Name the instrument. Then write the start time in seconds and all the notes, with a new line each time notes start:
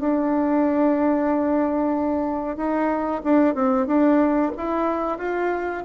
bassoon
0.00 D4
2.57 D#4
3.24 D4
3.55 C4
3.87 D4
4.57 E4
5.18 F4